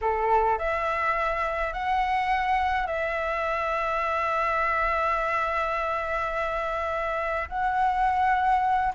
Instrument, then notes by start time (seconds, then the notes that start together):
flute
0.01 A4
0.58 E5
1.73 F#5
2.87 E5
7.48 F#5